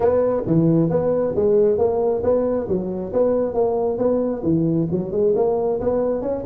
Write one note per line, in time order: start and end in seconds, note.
0.00 0.43 B3
0.46 0.89 E3
0.89 1.34 B3
1.35 1.77 G#3
1.77 2.22 A#3
2.23 2.67 B3
2.68 3.12 F#3
3.13 3.54 B3
3.54 3.98 A#3
3.98 4.42 B3
4.43 4.87 E3
4.91 5.11 F#3
5.11 5.33 G#3
5.35 5.80 A#3
5.80 6.21 B3
6.21 6.44 C#4